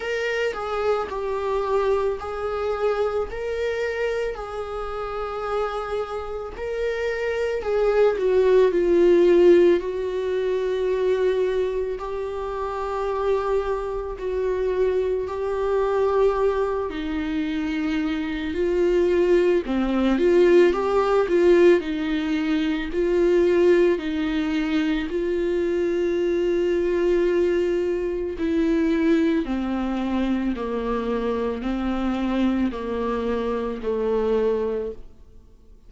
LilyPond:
\new Staff \with { instrumentName = "viola" } { \time 4/4 \tempo 4 = 55 ais'8 gis'8 g'4 gis'4 ais'4 | gis'2 ais'4 gis'8 fis'8 | f'4 fis'2 g'4~ | g'4 fis'4 g'4. dis'8~ |
dis'4 f'4 c'8 f'8 g'8 f'8 | dis'4 f'4 dis'4 f'4~ | f'2 e'4 c'4 | ais4 c'4 ais4 a4 | }